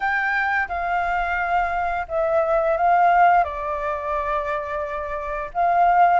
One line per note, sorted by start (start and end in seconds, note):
0.00 0.67 G5
0.68 2.06 F5
2.08 2.77 E5
2.77 3.44 F5
3.44 5.50 D5
5.53 6.19 F5